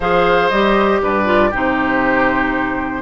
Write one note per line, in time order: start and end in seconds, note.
0.00 0.51 F3
0.00 0.52 G#4
0.00 1.02 C5
0.00 0.49 F5
0.49 1.01 G3
0.49 1.25 G4
0.49 1.00 D#5
1.02 1.53 G2
1.02 1.49 B4
1.02 1.54 D5
1.25 1.50 F4
1.49 3.02 C3
1.49 3.02 D#4
1.49 3.02 G4
1.49 3.02 C5